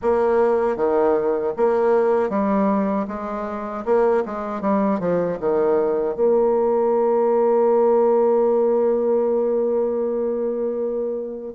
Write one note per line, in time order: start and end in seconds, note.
0.02 0.76 A#3
0.76 1.53 D#3
1.56 2.29 A#3
2.29 3.06 G3
3.07 3.84 G#3
3.85 4.23 A#3
4.25 4.61 G#3
4.61 4.99 G3
4.99 5.38 F3
5.40 6.15 D#3
6.15 11.53 A#3